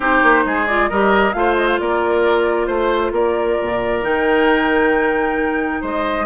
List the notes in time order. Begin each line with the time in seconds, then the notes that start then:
0.00 C4 D#4 G4 C5
0.22 A#3
0.45 G#3 G#4
0.66 F4 D5
0.89 G3 G4 A#4 D#5
1.33 A3 F4 C5 F5
1.57 D#5
1.67 F5
1.79 A#3 A#4 D5
2.66 A3 C5
3.11 A#3 A#4 D5
3.61 A#2
4.02 D#3 D#4 G5
5.81 G#3 C5 D#5